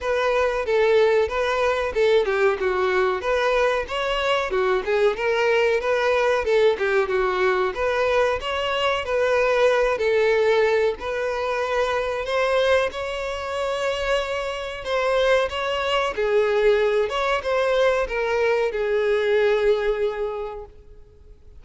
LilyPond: \new Staff \with { instrumentName = "violin" } { \time 4/4 \tempo 4 = 93 b'4 a'4 b'4 a'8 g'8 | fis'4 b'4 cis''4 fis'8 gis'8 | ais'4 b'4 a'8 g'8 fis'4 | b'4 cis''4 b'4. a'8~ |
a'4 b'2 c''4 | cis''2. c''4 | cis''4 gis'4. cis''8 c''4 | ais'4 gis'2. | }